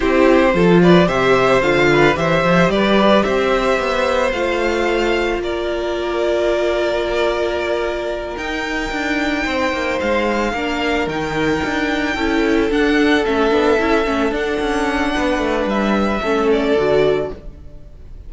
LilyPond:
<<
  \new Staff \with { instrumentName = "violin" } { \time 4/4 \tempo 4 = 111 c''4. d''8 e''4 f''4 | e''4 d''4 e''2 | f''2 d''2~ | d''2.~ d''8 g''8~ |
g''2~ g''8 f''4.~ | f''8 g''2. fis''8~ | fis''8 e''2 fis''4.~ | fis''4 e''4. d''4. | }
  \new Staff \with { instrumentName = "violin" } { \time 4/4 g'4 a'8 b'8 c''4. b'8 | c''4 b'4 c''2~ | c''2 ais'2~ | ais'1~ |
ais'4. c''2 ais'8~ | ais'2~ ais'8 a'4.~ | a'1 | b'2 a'2 | }
  \new Staff \with { instrumentName = "viola" } { \time 4/4 e'4 f'4 g'4 f'4 | g'1 | f'1~ | f'2.~ f'8 dis'8~ |
dis'2.~ dis'8 d'8~ | d'8 dis'2 e'4 d'8~ | d'8 cis'8 d'8 e'8 cis'8 d'4.~ | d'2 cis'4 fis'4 | }
  \new Staff \with { instrumentName = "cello" } { \time 4/4 c'4 f4 c4 d4 | e8 f8 g4 c'4 b4 | a2 ais2~ | ais2.~ ais8 dis'8~ |
dis'8 d'4 c'8 ais8 gis4 ais8~ | ais8 dis4 d'4 cis'4 d'8~ | d'8 a8 b8 cis'8 a8 d'8 cis'4 | b8 a8 g4 a4 d4 | }
>>